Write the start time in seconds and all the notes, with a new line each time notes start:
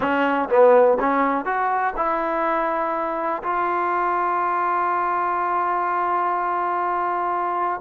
0.00 C#4
0.49 B3
0.99 C#4
1.45 F#4
1.96 E4
3.43 F4